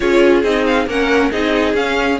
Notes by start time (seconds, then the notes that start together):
0.00 C#4 F4 G#4 C#5
0.43 C4 D#4 D#5
0.66 F5
0.86 A#3 C#4 A#4 F#5
1.31 C4 D#4 G#4 D#5
1.74 C#4 F5